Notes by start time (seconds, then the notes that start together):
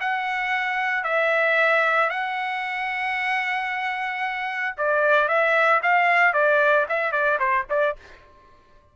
0.00 F#5
1.04 E5
2.10 F#5
4.77 D5
5.28 E5
5.82 F5
6.33 D5
6.89 E5
7.12 D5
7.39 C5
7.70 D5